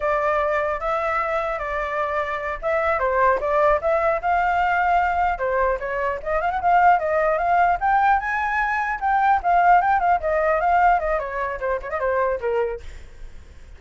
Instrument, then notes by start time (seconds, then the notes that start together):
flute
0.00 D5
0.79 E5
1.59 D5
2.61 E5
2.99 C5
3.40 D5
3.81 E5
4.21 F5
5.38 C5
5.79 C#5
6.22 D#5
6.41 F5
6.50 F#5
6.61 F5
6.99 D#5
7.38 F5
7.80 G5
8.19 G#5
9.00 G5
9.42 F5
9.81 G5
10.00 F5
10.20 D#5
10.60 F5
10.99 D#5
11.19 C#5
11.60 C5
11.82 C#5
11.90 D#5
11.99 C5
12.40 A#4